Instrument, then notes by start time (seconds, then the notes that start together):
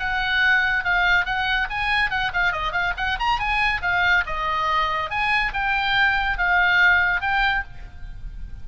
oboe
0.00 F#5
0.85 F5
1.26 F#5
1.70 G#5
2.11 F#5
2.34 F5
2.53 D#5
2.73 F5
2.97 F#5
3.20 A#5
3.39 G#5
3.82 F5
4.27 D#5
5.11 G#5
5.54 G5
6.38 F5
7.21 G5